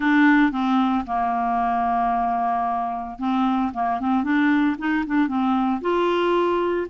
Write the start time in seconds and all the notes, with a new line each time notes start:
0.00 D4
0.51 C4
1.06 A#3
3.18 C4
3.73 A#3
4.00 C4
4.23 D4
4.78 D#4
5.06 D4
5.27 C4
5.81 F4